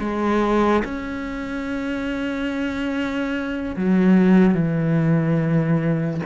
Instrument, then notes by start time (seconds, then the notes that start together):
cello
0.00 G#3
0.84 C#4
3.77 F#3
4.54 E3